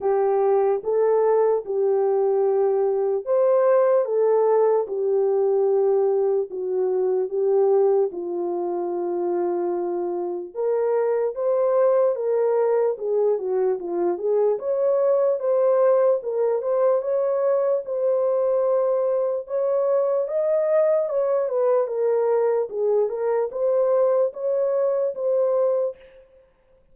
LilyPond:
\new Staff \with { instrumentName = "horn" } { \time 4/4 \tempo 4 = 74 g'4 a'4 g'2 | c''4 a'4 g'2 | fis'4 g'4 f'2~ | f'4 ais'4 c''4 ais'4 |
gis'8 fis'8 f'8 gis'8 cis''4 c''4 | ais'8 c''8 cis''4 c''2 | cis''4 dis''4 cis''8 b'8 ais'4 | gis'8 ais'8 c''4 cis''4 c''4 | }